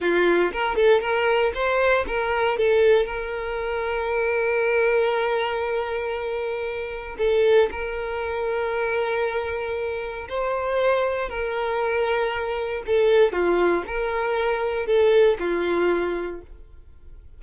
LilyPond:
\new Staff \with { instrumentName = "violin" } { \time 4/4 \tempo 4 = 117 f'4 ais'8 a'8 ais'4 c''4 | ais'4 a'4 ais'2~ | ais'1~ | ais'2 a'4 ais'4~ |
ais'1 | c''2 ais'2~ | ais'4 a'4 f'4 ais'4~ | ais'4 a'4 f'2 | }